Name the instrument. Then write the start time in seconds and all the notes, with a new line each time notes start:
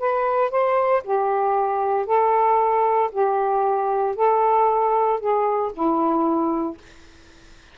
saxophone
0.00 B4
0.51 C5
1.04 G4
2.07 A4
3.12 G4
4.16 A4
5.20 G#4
5.73 E4